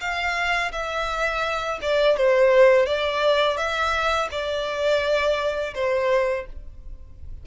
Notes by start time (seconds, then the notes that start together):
0.00 F5
0.72 E5
1.81 D5
2.17 C5
2.86 D5
3.57 E5
4.31 D5
5.74 C5